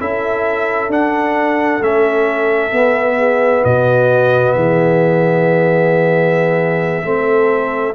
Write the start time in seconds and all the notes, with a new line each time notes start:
0.00 C#4 E4 A4 E5
0.88 D4 F#5
1.81 A3 C#4 E5
2.71 B3
3.17 G#4
3.64 B2 F#4 D#5
4.53 E3 G#4 E5
7.03 A3 C4 A4